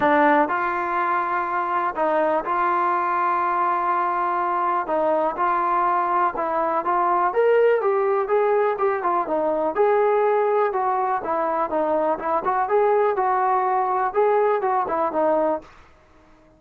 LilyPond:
\new Staff \with { instrumentName = "trombone" } { \time 4/4 \tempo 4 = 123 d'4 f'2. | dis'4 f'2.~ | f'2 dis'4 f'4~ | f'4 e'4 f'4 ais'4 |
g'4 gis'4 g'8 f'8 dis'4 | gis'2 fis'4 e'4 | dis'4 e'8 fis'8 gis'4 fis'4~ | fis'4 gis'4 fis'8 e'8 dis'4 | }